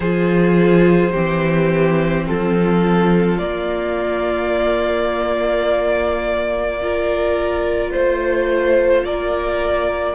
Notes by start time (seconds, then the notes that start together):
0.00 F3 F4 G#4 C5
1.12 E3 C4 G4
2.26 F3 F4 A4
3.37 A#3 D5
6.81 F4 A#4
7.91 A3 C5
9.04 A#3 A#4 D5